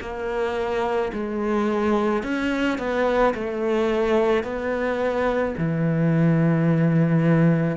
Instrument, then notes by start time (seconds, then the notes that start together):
cello
0.00 A#3
1.13 G#3
2.23 C#4
2.78 B3
3.34 A3
4.43 B3
5.57 E3